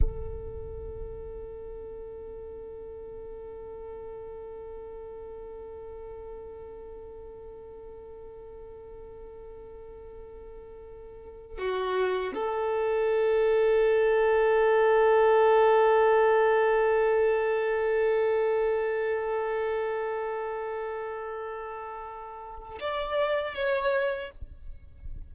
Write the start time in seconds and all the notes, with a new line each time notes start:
0.00 A4
11.58 F#4
12.34 A4
22.80 D5
23.54 C#5